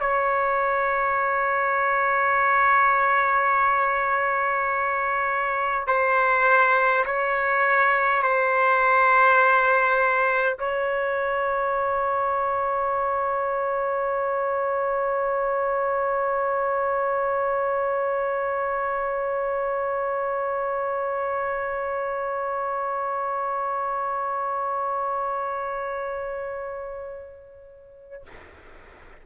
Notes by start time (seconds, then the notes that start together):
0.00 C#5
5.88 C5
7.06 C#5
8.23 C5
10.59 C#5